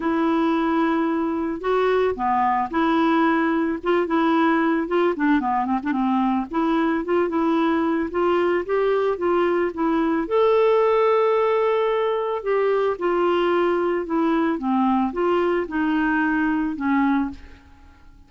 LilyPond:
\new Staff \with { instrumentName = "clarinet" } { \time 4/4 \tempo 4 = 111 e'2. fis'4 | b4 e'2 f'8 e'8~ | e'4 f'8 d'8 b8 c'16 d'16 c'4 | e'4 f'8 e'4. f'4 |
g'4 f'4 e'4 a'4~ | a'2. g'4 | f'2 e'4 c'4 | f'4 dis'2 cis'4 | }